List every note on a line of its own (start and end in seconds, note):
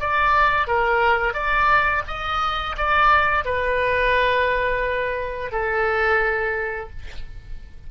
0.00 0.67 D5
0.67 1.34 A#4
1.34 2.03 D5
2.08 2.76 D#5
2.78 3.45 D5
3.45 5.52 B4
5.52 6.90 A4